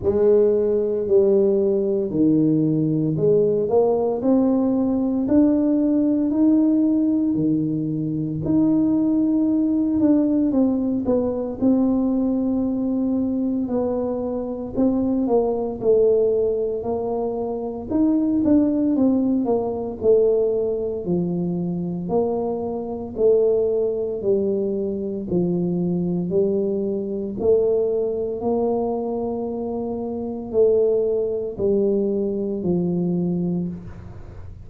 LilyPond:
\new Staff \with { instrumentName = "tuba" } { \time 4/4 \tempo 4 = 57 gis4 g4 dis4 gis8 ais8 | c'4 d'4 dis'4 dis4 | dis'4. d'8 c'8 b8 c'4~ | c'4 b4 c'8 ais8 a4 |
ais4 dis'8 d'8 c'8 ais8 a4 | f4 ais4 a4 g4 | f4 g4 a4 ais4~ | ais4 a4 g4 f4 | }